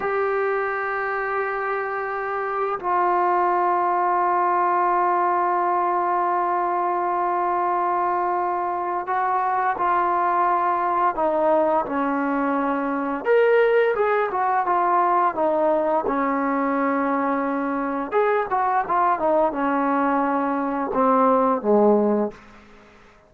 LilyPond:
\new Staff \with { instrumentName = "trombone" } { \time 4/4 \tempo 4 = 86 g'1 | f'1~ | f'1~ | f'4 fis'4 f'2 |
dis'4 cis'2 ais'4 | gis'8 fis'8 f'4 dis'4 cis'4~ | cis'2 gis'8 fis'8 f'8 dis'8 | cis'2 c'4 gis4 | }